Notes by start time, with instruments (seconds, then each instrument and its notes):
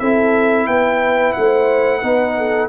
0.00 tuba C4, trombone E4, horn A4, trumpet E5
0.67 tuba B3, horn B4, trumpet G5
1.33 tuba A3, trumpet F#5
1.39 horn C5
2.01 tuba B3, trombone D#4, horn B4
2.38 horn A4